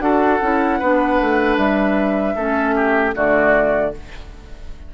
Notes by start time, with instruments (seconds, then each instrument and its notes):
0.00 bassoon D4, clarinet F#4, oboe A4, flute F#5
0.42 bassoon C#4, clarinet E4
0.79 bassoon B3, clarinet D4, oboe B4
1.21 bassoon A3
1.57 bassoon G3, flute E5
2.36 bassoon A3, clarinet C#4, oboe A4
2.76 oboe G4
3.14 bassoon D3, clarinet A3, oboe F#4, flute D5